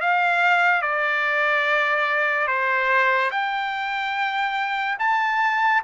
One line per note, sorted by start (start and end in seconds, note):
0.00 0.81 F5
0.81 2.47 D5
2.47 3.30 C5
3.31 4.97 G5
4.99 5.82 A5